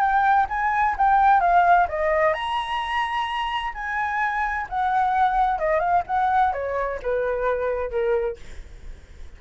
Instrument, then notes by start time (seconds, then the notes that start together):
flute
0.00 G5
0.49 G#5
0.98 G5
1.41 F5
1.89 D#5
2.34 A#5
3.74 G#5
4.69 F#5
5.59 D#5
5.80 F5
6.07 F#5
6.53 C#5
7.03 B4
7.90 A#4